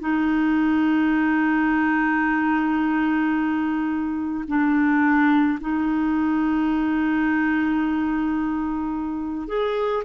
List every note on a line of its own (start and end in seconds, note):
0.00 4.44 D#4
4.47 5.59 D4
5.60 9.47 D#4
9.47 10.03 G#4